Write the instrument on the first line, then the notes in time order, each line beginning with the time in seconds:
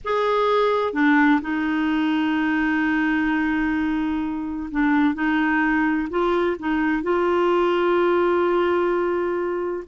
clarinet
0.04 G#4
0.93 D4
1.41 D#4
4.71 D4
5.14 D#4
6.09 F4
6.59 D#4
7.02 F4